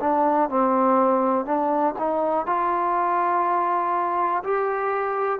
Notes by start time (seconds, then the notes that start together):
0.00 D4
0.49 C4
1.45 D4
1.99 D#4
2.46 F4
4.44 G4